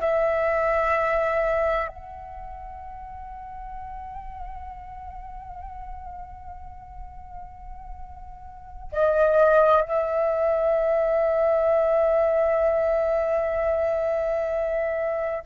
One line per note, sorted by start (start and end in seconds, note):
0.00 1.87 E5
1.87 8.91 F#5
8.92 9.81 D#5
9.81 15.44 E5